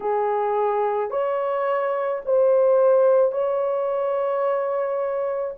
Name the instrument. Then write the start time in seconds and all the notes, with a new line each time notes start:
horn
0.00 G#4
1.10 C#5
2.25 C5
3.32 C#5